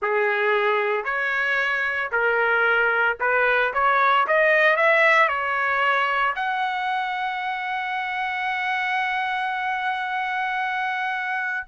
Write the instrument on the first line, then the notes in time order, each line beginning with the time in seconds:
trumpet
0.01 G#4
1.04 C#5
2.11 A#4
3.20 B4
3.73 C#5
4.27 D#5
4.76 E5
5.28 C#5
6.35 F#5